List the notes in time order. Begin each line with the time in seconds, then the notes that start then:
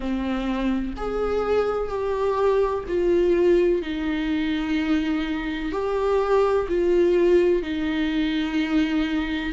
0.00 C4
0.97 G#4
1.88 G4
2.88 F4
3.81 D#4
5.71 G4
6.68 F4
7.62 D#4